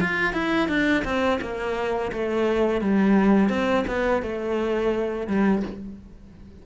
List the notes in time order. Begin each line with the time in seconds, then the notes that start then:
0.00 F4
0.33 E4
0.68 D4
1.04 C4
1.41 A#3
2.12 A3
2.81 G3
3.49 C4
3.87 B3
4.22 A3
5.27 G3